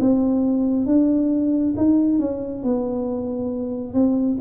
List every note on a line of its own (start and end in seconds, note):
0.00 0.86 C4
0.86 1.74 D4
1.77 2.19 D#4
2.19 2.64 C#4
2.64 3.93 B3
3.93 4.38 C4